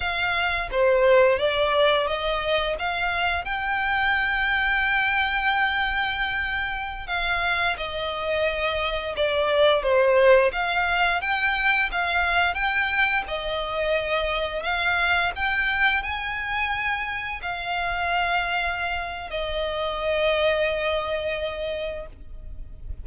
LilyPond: \new Staff \with { instrumentName = "violin" } { \time 4/4 \tempo 4 = 87 f''4 c''4 d''4 dis''4 | f''4 g''2.~ | g''2~ g''16 f''4 dis''8.~ | dis''4~ dis''16 d''4 c''4 f''8.~ |
f''16 g''4 f''4 g''4 dis''8.~ | dis''4~ dis''16 f''4 g''4 gis''8.~ | gis''4~ gis''16 f''2~ f''8. | dis''1 | }